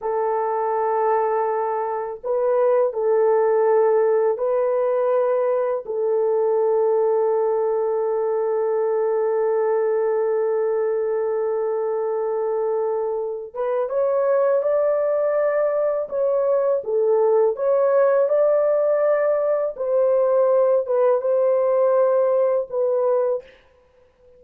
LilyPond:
\new Staff \with { instrumentName = "horn" } { \time 4/4 \tempo 4 = 82 a'2. b'4 | a'2 b'2 | a'1~ | a'1~ |
a'2~ a'8 b'8 cis''4 | d''2 cis''4 a'4 | cis''4 d''2 c''4~ | c''8 b'8 c''2 b'4 | }